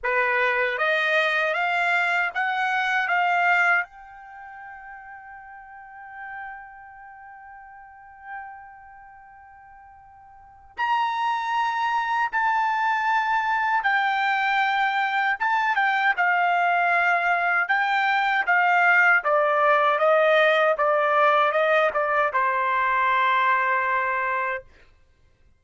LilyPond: \new Staff \with { instrumentName = "trumpet" } { \time 4/4 \tempo 4 = 78 b'4 dis''4 f''4 fis''4 | f''4 g''2.~ | g''1~ | g''2 ais''2 |
a''2 g''2 | a''8 g''8 f''2 g''4 | f''4 d''4 dis''4 d''4 | dis''8 d''8 c''2. | }